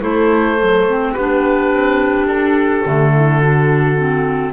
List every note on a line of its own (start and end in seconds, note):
0.00 1.14 A3
0.00 0.57 E4
0.00 1.14 A4
0.00 1.13 C5
0.59 0.88 F#3
0.88 1.17 C4
1.13 1.71 B3
1.13 3.12 G4
1.13 2.26 B4
1.19 2.85 D4
1.71 2.26 C4
2.26 2.82 D4
2.26 4.52 A4
2.85 4.52 D3
2.85 3.41 A3
3.15 3.40 E4
3.40 3.97 D4
3.40 4.52 F#4
3.97 4.52 C4